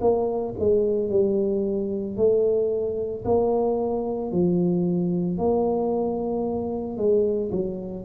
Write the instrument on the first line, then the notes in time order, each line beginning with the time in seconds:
tuba
0.00 A#3
0.59 G#3
1.09 G3
2.16 A3
3.24 A#3
4.31 F3
5.38 A#3
6.97 G#3
7.51 F#3